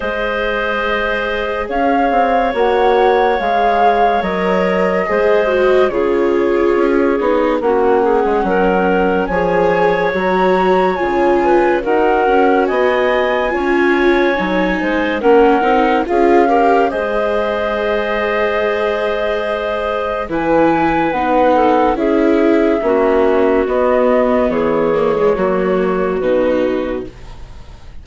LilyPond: <<
  \new Staff \with { instrumentName = "flute" } { \time 4/4 \tempo 4 = 71 dis''2 f''4 fis''4 | f''4 dis''2 cis''4~ | cis''4 fis''2 gis''4 | ais''4 gis''4 fis''4 gis''4~ |
gis''2 fis''4 f''4 | dis''1 | gis''4 fis''4 e''2 | dis''4 cis''2 b'4 | }
  \new Staff \with { instrumentName = "clarinet" } { \time 4/4 c''2 cis''2~ | cis''2 c''4 gis'4~ | gis'4 fis'8 gis'8 ais'4 cis''4~ | cis''4. b'8 ais'4 dis''4 |
cis''4. c''8 ais'4 gis'8 ais'8 | c''1 | b'4. a'8 gis'4 fis'4~ | fis'4 gis'4 fis'2 | }
  \new Staff \with { instrumentName = "viola" } { \time 4/4 gis'2. fis'4 | gis'4 ais'4 gis'8 fis'8 f'4~ | f'8 dis'8 cis'2 gis'4 | fis'4 f'4 fis'2 |
f'4 dis'4 cis'8 dis'8 f'8 g'8 | gis'1 | e'4 dis'4 e'4 cis'4 | b4. ais16 gis16 ais4 dis'4 | }
  \new Staff \with { instrumentName = "bassoon" } { \time 4/4 gis2 cis'8 c'8 ais4 | gis4 fis4 gis4 cis4 | cis'8 b8 ais8. gis16 fis4 f4 | fis4 cis4 dis'8 cis'8 b4 |
cis'4 fis8 gis8 ais8 c'8 cis'4 | gis1 | e4 b4 cis'4 ais4 | b4 e4 fis4 b,4 | }
>>